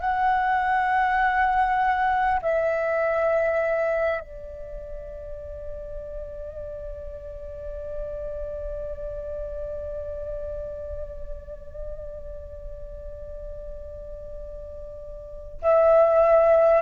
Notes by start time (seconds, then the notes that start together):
0.00 F#5
2.42 E5
4.20 D5
15.62 E5